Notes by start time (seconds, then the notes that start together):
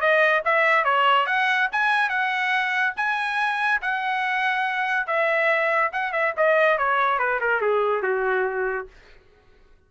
0.00 D#5
0.45 E5
0.84 C#5
1.26 F#5
1.72 G#5
2.09 F#5
2.96 G#5
3.81 F#5
5.07 E5
5.92 F#5
6.12 E5
6.37 D#5
6.78 C#5
7.19 B4
7.40 A#4
7.61 G#4
8.02 F#4